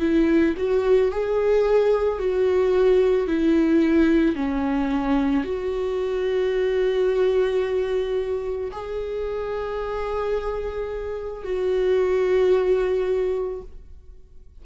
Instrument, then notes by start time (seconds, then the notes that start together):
viola
0.00 E4
0.57 F#4
1.12 G#4
2.19 F#4
3.27 E4
4.35 C#4
5.44 F#4
8.72 G#4
11.43 F#4